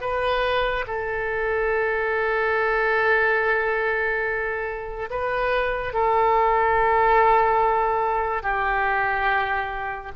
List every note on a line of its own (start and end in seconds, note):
0.00 0.85 B4
0.87 5.09 A4
5.10 5.93 B4
5.93 8.42 A4
8.42 10.11 G4